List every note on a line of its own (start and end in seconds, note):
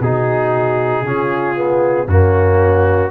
0.00 1.02 B2
0.00 1.05 D#4
0.00 1.05 F#4
0.00 2.08 G#4
1.02 2.06 C#3
1.02 1.55 C#4
1.02 2.07 F4
1.55 2.07 B3
2.06 3.10 F#2
2.06 3.10 A#3
2.06 3.10 C#4
2.06 3.10 F#4